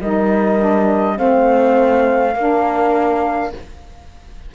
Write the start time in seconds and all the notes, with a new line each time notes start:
0.00 G3 D#4 A#4 D#5
0.59 D4
1.15 A3 C4 C5 F5
2.34 A#3 D4 A#4